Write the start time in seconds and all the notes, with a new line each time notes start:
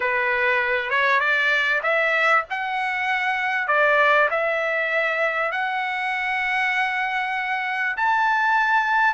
0.00 B4
0.90 C#5
1.19 D5
1.83 E5
2.50 F#5
3.67 D5
4.30 E5
5.51 F#5
7.96 A5